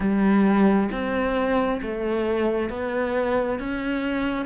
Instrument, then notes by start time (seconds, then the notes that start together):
cello
0.00 G3
0.91 C4
1.82 A3
2.69 B3
3.59 C#4